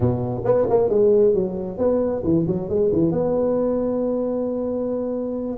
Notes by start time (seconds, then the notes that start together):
0.00 B2
0.44 B3
0.69 A#3
0.89 G#3
1.34 F#3
1.78 B3
2.24 E3
2.47 F#3
2.69 G#3
2.92 E3
3.11 B3